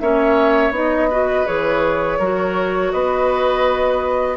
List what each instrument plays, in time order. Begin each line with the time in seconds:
0.00 bassoon A#3, clarinet C#4, oboe C#5, flute E5
0.71 bassoon B3, clarinet D#4, flute D#5
1.10 clarinet F#4, oboe B4
1.46 bassoon E3, clarinet G#4, flute C#5
2.19 bassoon F#3, clarinet F#4, oboe A#4
2.92 bassoon B3, oboe B4, flute D#5